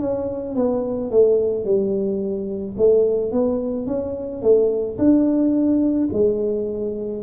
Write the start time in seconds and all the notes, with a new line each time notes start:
0.00 C#4
0.56 B3
1.11 A3
1.65 G3
2.78 A3
3.32 B3
3.87 C#4
4.42 A3
4.98 D4
6.13 G#3